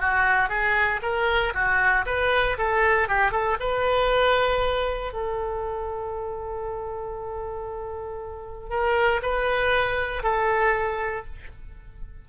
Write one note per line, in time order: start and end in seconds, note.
0.00 0.49 F#4
0.49 1.00 G#4
1.02 1.53 A#4
1.54 2.05 F#4
2.06 2.57 B4
2.58 3.08 A4
3.08 3.31 G4
3.31 3.57 A4
3.59 5.13 B4
5.13 8.70 A4
8.70 9.21 A#4
9.22 10.23 B4
10.23 11.25 A4